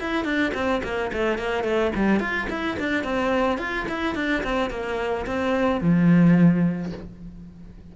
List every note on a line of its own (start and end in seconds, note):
0.00 0.24 E4
0.24 0.52 D4
0.54 0.82 C4
0.83 1.11 A#3
1.12 1.38 A3
1.38 1.63 A#3
1.63 1.91 A3
1.95 2.19 G3
2.19 2.47 F4
2.49 2.77 E4
2.79 3.04 D4
3.04 3.58 C4
3.58 3.86 F4
3.88 4.15 E4
4.15 4.43 D4
4.43 4.70 C4
4.70 5.26 A#3
5.26 5.81 C4
5.81 6.92 F3